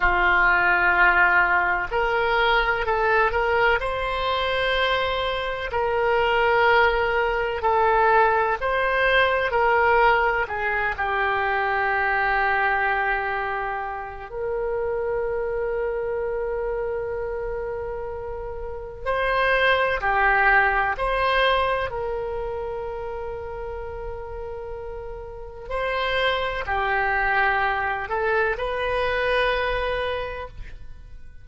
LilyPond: \new Staff \with { instrumentName = "oboe" } { \time 4/4 \tempo 4 = 63 f'2 ais'4 a'8 ais'8 | c''2 ais'2 | a'4 c''4 ais'4 gis'8 g'8~ | g'2. ais'4~ |
ais'1 | c''4 g'4 c''4 ais'4~ | ais'2. c''4 | g'4. a'8 b'2 | }